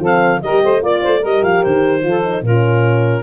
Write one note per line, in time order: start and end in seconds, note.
0.00 0.40 F3
0.00 0.43 C4
0.00 0.42 A4
0.06 0.42 F5
0.42 0.63 G3
0.42 0.82 G4
0.42 0.64 A#4
0.42 0.83 D#5
0.64 0.83 A3
0.64 0.83 C5
0.82 1.03 A#3
0.82 1.22 F4
0.82 1.03 D5
0.82 1.25 D5
1.03 1.25 A3
1.03 1.21 C5
1.21 1.43 G3
1.21 2.03 G4
1.21 2.01 A#4
1.21 1.44 D#5
1.43 1.63 F3
1.43 1.64 F5
1.64 2.06 D#3
1.64 2.44 C5
2.03 2.42 F3
2.03 2.23 F4
2.03 2.43 A4
2.24 2.44 D#4
2.42 3.23 A#2
2.42 3.23 C#4
2.42 3.23 F4
2.42 3.23 A#4